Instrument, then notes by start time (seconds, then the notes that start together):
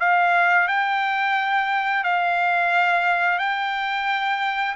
trumpet
0.00 F5
0.68 G5
2.04 F5
3.39 G5